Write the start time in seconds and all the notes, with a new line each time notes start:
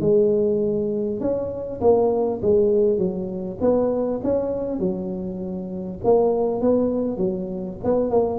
0.00 G#3
1.20 C#4
1.80 A#3
2.42 G#3
2.98 F#3
3.61 B3
4.23 C#4
4.79 F#3
6.04 A#3
6.61 B3
7.17 F#3
7.84 B3
8.10 A#3